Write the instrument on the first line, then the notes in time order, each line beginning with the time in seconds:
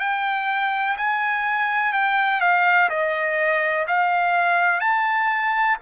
trumpet
0.00 G5
0.98 G#5
1.93 G5
2.41 F5
2.90 D#5
3.88 F5
4.80 A5